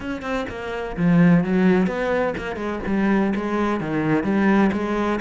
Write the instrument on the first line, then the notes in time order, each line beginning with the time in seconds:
cello
0.00 C#4
0.21 C4
0.49 A#3
0.96 F3
1.43 F#3
1.86 B3
2.37 A#3
2.56 G#3
2.86 G3
3.35 G#3
3.80 D#3
4.23 G3
4.72 G#3